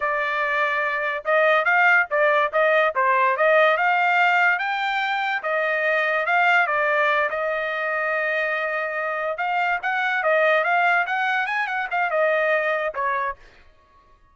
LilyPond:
\new Staff \with { instrumentName = "trumpet" } { \time 4/4 \tempo 4 = 144 d''2. dis''4 | f''4 d''4 dis''4 c''4 | dis''4 f''2 g''4~ | g''4 dis''2 f''4 |
d''4. dis''2~ dis''8~ | dis''2~ dis''8 f''4 fis''8~ | fis''8 dis''4 f''4 fis''4 gis''8 | fis''8 f''8 dis''2 cis''4 | }